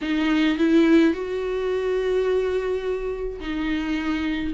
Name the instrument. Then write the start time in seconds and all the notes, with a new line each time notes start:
viola
0.01 D#4
0.58 E4
1.13 F#4
3.40 D#4